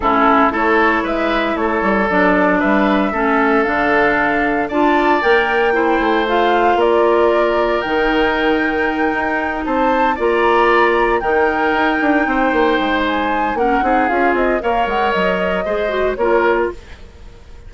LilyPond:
<<
  \new Staff \with { instrumentName = "flute" } { \time 4/4 \tempo 4 = 115 a'4 cis''4 e''4 cis''4 | d''4 e''2 f''4~ | f''4 a''4 g''2 | f''4 d''2 g''4~ |
g''2~ g''8 a''4 ais''8~ | ais''4. g''2~ g''8~ | g''4 gis''4 fis''4 f''8 dis''8 | f''8 fis''8 dis''2 cis''4 | }
  \new Staff \with { instrumentName = "oboe" } { \time 4/4 e'4 a'4 b'4 a'4~ | a'4 b'4 a'2~ | a'4 d''2 c''4~ | c''4 ais'2.~ |
ais'2~ ais'8 c''4 d''8~ | d''4. ais'2 c''8~ | c''2 ais'8 gis'4. | cis''2 c''4 ais'4 | }
  \new Staff \with { instrumentName = "clarinet" } { \time 4/4 cis'4 e'2. | d'2 cis'4 d'4~ | d'4 f'4 ais'4 e'4 | f'2. dis'4~ |
dis'2.~ dis'8 f'8~ | f'4. dis'2~ dis'8~ | dis'2 cis'8 dis'8 f'4 | ais'2 gis'8 fis'8 f'4 | }
  \new Staff \with { instrumentName = "bassoon" } { \time 4/4 a,4 a4 gis4 a8 g8 | fis4 g4 a4 d4~ | d4 d'4 ais4. a8~ | a4 ais2 dis4~ |
dis4. dis'4 c'4 ais8~ | ais4. dis4 dis'8 d'8 c'8 | ais8 gis4. ais8 c'8 cis'8 c'8 | ais8 gis8 fis4 gis4 ais4 | }
>>